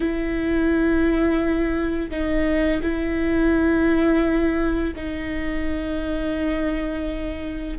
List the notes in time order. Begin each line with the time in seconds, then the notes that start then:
0.00 E4
2.10 D#4
2.82 E4
4.96 D#4